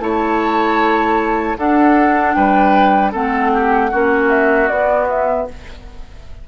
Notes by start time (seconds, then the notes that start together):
0.00 A3 E4 C#5 A5
1.58 D4 A4 F#5
2.34 G3 B4 G5
3.12 A3 C4 A4 F#5
3.54 G4
3.91 A#3 C#4 F#4
4.30 E5
4.68 B3 D5
5.09 E5